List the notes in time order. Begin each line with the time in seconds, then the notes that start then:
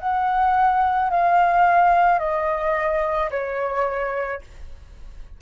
0.00 F#5
1.11 F5
2.19 D#5
3.31 C#5